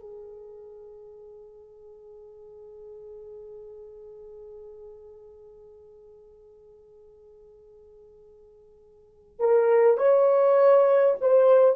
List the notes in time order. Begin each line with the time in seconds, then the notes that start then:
0.00 G#4
9.40 A#4
9.98 C#5
11.21 C5